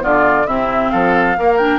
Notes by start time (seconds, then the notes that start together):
0.00 D3 B3 F4 D5
0.47 C3 C4 E4 E5
0.91 F3 A4 F5
1.37 A#3 A#4
1.58 D4 G5